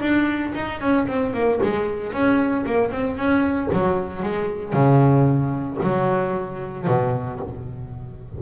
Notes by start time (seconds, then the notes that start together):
0.00 D4
0.55 D#4
0.80 C#4
1.07 C4
1.33 A#3
1.63 G#3
2.12 C#4
2.66 A#3
2.91 C4
3.17 C#4
3.72 F#3
4.22 G#3
4.73 C#3
5.82 F#3
6.87 B2